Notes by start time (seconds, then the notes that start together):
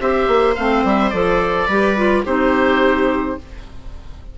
0.00 C4 G4 C5 E5
0.28 A#3
0.55 A3 C4 F5
0.84 G3 E5
1.10 F3 A4 D5
1.67 G3 G4 B4
1.97 F4
2.25 C4 D#4 G4 C5